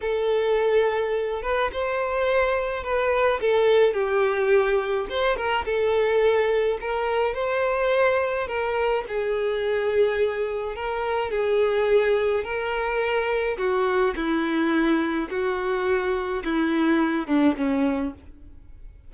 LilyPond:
\new Staff \with { instrumentName = "violin" } { \time 4/4 \tempo 4 = 106 a'2~ a'8 b'8 c''4~ | c''4 b'4 a'4 g'4~ | g'4 c''8 ais'8 a'2 | ais'4 c''2 ais'4 |
gis'2. ais'4 | gis'2 ais'2 | fis'4 e'2 fis'4~ | fis'4 e'4. d'8 cis'4 | }